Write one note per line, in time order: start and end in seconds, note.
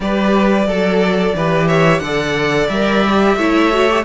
0.00 0.65 G3
0.00 0.68 G4
0.00 0.67 B4
0.00 1.67 D5
0.65 1.33 F#3
0.65 1.35 A4
1.35 2.00 E3
1.35 2.03 G4
1.35 1.67 B4
1.67 2.01 C#5
1.67 1.99 E5
1.99 2.67 D3
1.99 2.71 A4
1.99 3.37 D5
1.99 2.66 F#5
2.68 3.36 G3
2.68 3.06 A#4
2.68 4.03 E5
3.07 3.38 G4
3.37 4.04 A3
3.37 3.71 E4
3.37 4.04 C#5
3.71 3.88 F#4
3.89 4.04 G4